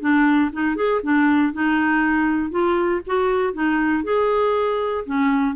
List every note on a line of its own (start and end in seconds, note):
0.00 0.50 D4
0.52 0.76 D#4
0.76 1.01 G#4
1.03 1.53 D4
1.53 2.51 D#4
2.51 3.01 F4
3.07 3.53 F#4
3.53 4.04 D#4
4.04 5.05 G#4
5.06 5.56 C#4